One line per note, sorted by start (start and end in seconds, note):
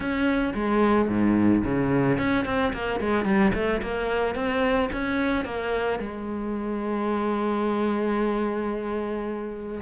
0.00 0.53 C#4
0.54 1.08 G#3
1.08 1.63 G#2
1.64 2.18 C#3
2.18 2.45 C#4
2.45 2.72 C4
2.73 3.00 A#3
3.00 3.25 G#3
3.25 3.52 G3
3.54 3.81 A3
3.82 4.35 A#3
4.35 4.89 C4
4.92 5.44 C#4
5.44 5.99 A#3
5.99 9.81 G#3